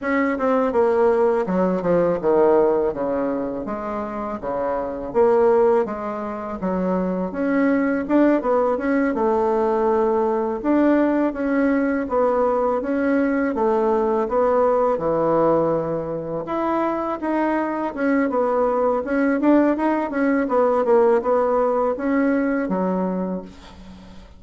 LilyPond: \new Staff \with { instrumentName = "bassoon" } { \time 4/4 \tempo 4 = 82 cis'8 c'8 ais4 fis8 f8 dis4 | cis4 gis4 cis4 ais4 | gis4 fis4 cis'4 d'8 b8 | cis'8 a2 d'4 cis'8~ |
cis'8 b4 cis'4 a4 b8~ | b8 e2 e'4 dis'8~ | dis'8 cis'8 b4 cis'8 d'8 dis'8 cis'8 | b8 ais8 b4 cis'4 fis4 | }